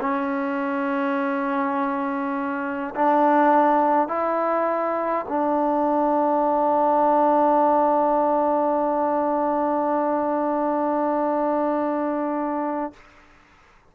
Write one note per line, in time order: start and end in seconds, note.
0.00 2.94 C#4
2.95 4.08 D4
4.08 5.25 E4
5.28 12.93 D4